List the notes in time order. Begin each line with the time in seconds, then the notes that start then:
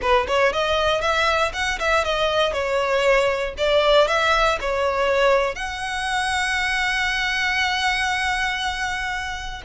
0.01 B4
0.27 C#5
0.52 D#5
1.01 E5
1.53 F#5
1.79 E5
2.04 D#5
2.52 C#5
3.57 D5
4.07 E5
4.61 C#5
5.55 F#5